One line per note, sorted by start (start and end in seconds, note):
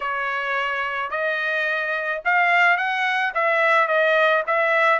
0.00 1.10 C#5
1.10 2.21 D#5
2.24 2.77 F5
2.77 3.32 F#5
3.34 3.87 E5
3.87 4.43 D#5
4.46 4.99 E5